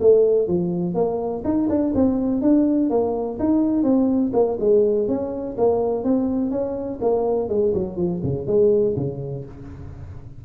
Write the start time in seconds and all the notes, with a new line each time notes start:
0.00 A3
0.47 F3
0.94 A#3
1.44 D#4
1.69 D4
1.94 C4
2.41 D4
2.90 A#3
3.39 D#4
3.83 C4
4.33 A#3
4.59 G#3
5.08 C#4
5.57 A#3
6.04 C4
6.51 C#4
7.01 A#3
7.48 G#3
7.74 F#3
7.96 F3
8.23 C#3
8.47 G#3
8.96 C#3